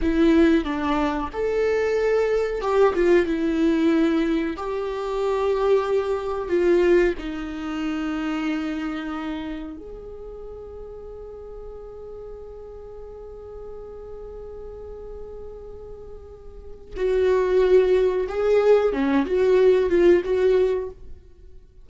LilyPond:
\new Staff \with { instrumentName = "viola" } { \time 4/4 \tempo 4 = 92 e'4 d'4 a'2 | g'8 f'8 e'2 g'4~ | g'2 f'4 dis'4~ | dis'2. gis'4~ |
gis'1~ | gis'1~ | gis'2 fis'2 | gis'4 cis'8 fis'4 f'8 fis'4 | }